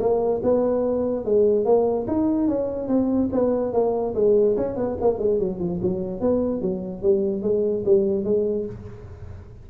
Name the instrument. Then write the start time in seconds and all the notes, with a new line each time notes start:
tuba
0.00 A#3
0.43 B3
1.25 G#3
1.65 A#3
2.08 D#4
2.48 C#4
2.88 C4
3.33 B3
3.73 A#3
4.15 G#3
4.57 C#4
4.77 B3
5.01 A#3
5.19 G#3
5.39 F#3
5.60 F3
5.82 F#3
6.21 B3
6.62 F#3
7.02 G3
7.43 G#3
7.85 G3
8.25 G#3